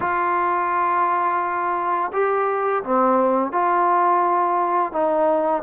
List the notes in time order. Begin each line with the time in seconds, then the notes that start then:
0.00 F4
2.12 G4
2.83 C4
3.52 F4
4.92 D#4